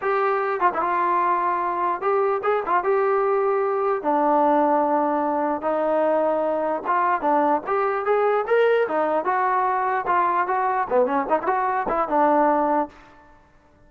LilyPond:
\new Staff \with { instrumentName = "trombone" } { \time 4/4 \tempo 4 = 149 g'4. f'16 e'16 f'2~ | f'4 g'4 gis'8 f'8 g'4~ | g'2 d'2~ | d'2 dis'2~ |
dis'4 f'4 d'4 g'4 | gis'4 ais'4 dis'4 fis'4~ | fis'4 f'4 fis'4 b8 cis'8 | dis'16 e'16 fis'4 e'8 d'2 | }